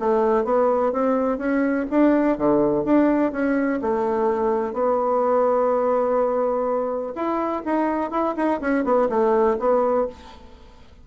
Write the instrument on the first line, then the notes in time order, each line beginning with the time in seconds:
bassoon
0.00 A3
0.45 B3
0.93 C4
1.39 C#4
1.91 D4
2.38 D3
2.85 D4
3.33 C#4
3.82 A3
4.74 B3
7.16 E4
7.66 D#4
8.11 E4
8.37 D#4
8.61 C#4
8.85 B3
9.10 A3
9.60 B3